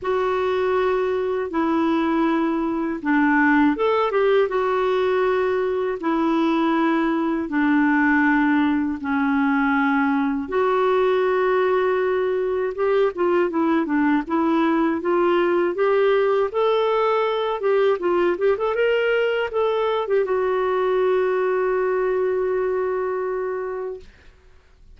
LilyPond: \new Staff \with { instrumentName = "clarinet" } { \time 4/4 \tempo 4 = 80 fis'2 e'2 | d'4 a'8 g'8 fis'2 | e'2 d'2 | cis'2 fis'2~ |
fis'4 g'8 f'8 e'8 d'8 e'4 | f'4 g'4 a'4. g'8 | f'8 g'16 a'16 ais'4 a'8. g'16 fis'4~ | fis'1 | }